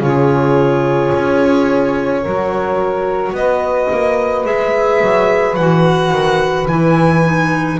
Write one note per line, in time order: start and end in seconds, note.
0.00 1.11 C#3
0.00 2.23 F4
0.00 2.21 G#4
0.00 3.35 C#5
1.14 2.25 C#4
2.21 3.32 F#3
2.21 4.45 F#4
2.21 3.32 A#4
3.32 3.87 B3
3.32 4.46 D#5
3.38 7.79 B4
3.91 4.45 A#3
4.45 5.00 G#3
4.45 5.56 G#4
4.45 5.55 E5
5.01 5.56 F#3
5.55 6.11 E3
5.55 6.68 F#4
5.55 6.66 F#5
6.11 6.67 D#3
6.67 7.78 E3
6.67 7.24 E4
6.67 7.79 G#5
7.24 7.79 D#4